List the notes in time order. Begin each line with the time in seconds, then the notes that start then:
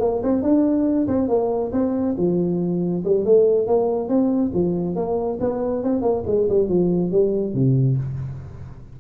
0.00 A#3
0.23 C4
0.42 D4
1.07 C4
1.28 A#3
1.72 C4
2.17 F3
3.05 G3
3.25 A3
3.67 A#3
4.08 C4
4.54 F3
4.95 A#3
5.40 B3
5.83 C4
6.02 A#3
6.26 G#3
6.49 G3
6.68 F3
7.11 G3
7.53 C3